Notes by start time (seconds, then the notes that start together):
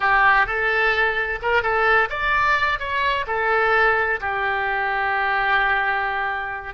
0.00 G4
0.46 A4
1.42 A#4
1.62 A4
2.09 D5
2.79 C#5
3.27 A4
4.20 G4